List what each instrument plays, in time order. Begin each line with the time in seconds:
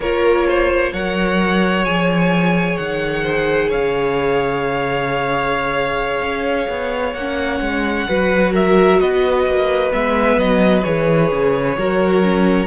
0.00 cello A#3, viola F4, violin A#4 C#5
0.48 violin C5
0.92 cello F#3, viola A#4, violin C#5 F#5
1.84 cello F3, viola G#4, violin G#5
2.77 cello D#3, violin F#5
3.23 violin C5
3.68 cello C#3, violin C#5 F5
6.21 cello C#4
6.69 cello B3
7.13 cello A#3, viola C#4, violin F#5
7.60 cello G#3
8.07 cello F#3, viola F#4, violin B4
8.53 violin A#4 E5
8.99 cello B3, violin B4 D#5
9.45 cello A#3
9.90 cello G#3, viola B3, violin E5
10.37 cello F#3, violin D#5
10.82 cello E3, viola G#4, violin C#5
11.32 cello C#3
11.77 cello F#3, viola F#4, violin A#4
12.23 viola C#4